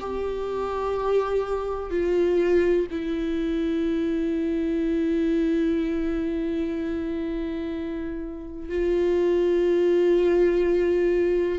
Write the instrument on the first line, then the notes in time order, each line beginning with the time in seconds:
viola
0.00 G4
1.90 F4
2.91 E4
8.69 F4